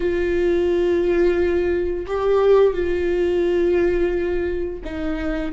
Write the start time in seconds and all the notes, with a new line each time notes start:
0.00 F4
2.06 G4
2.73 F4
4.84 D#4